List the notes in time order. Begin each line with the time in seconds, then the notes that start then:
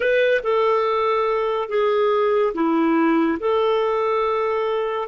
0.00 B4
0.43 A4
1.69 G#4
2.54 E4
3.39 A4